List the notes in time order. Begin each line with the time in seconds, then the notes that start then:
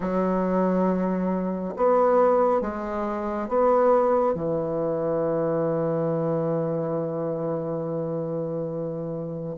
0.00 F#3
1.76 B3
2.61 G#3
3.48 B3
4.34 E3